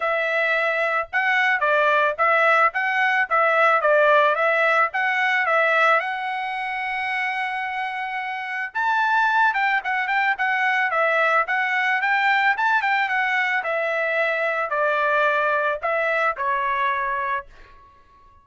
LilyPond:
\new Staff \with { instrumentName = "trumpet" } { \time 4/4 \tempo 4 = 110 e''2 fis''4 d''4 | e''4 fis''4 e''4 d''4 | e''4 fis''4 e''4 fis''4~ | fis''1 |
a''4. g''8 fis''8 g''8 fis''4 | e''4 fis''4 g''4 a''8 g''8 | fis''4 e''2 d''4~ | d''4 e''4 cis''2 | }